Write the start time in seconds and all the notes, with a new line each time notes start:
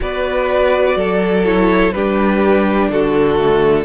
0.00 B3 F#4 B4 D5
0.96 F#3 A4
1.44 E4 C#5
1.92 G3 D4 G4 B4
2.89 D3 F#4 A4
3.38 A3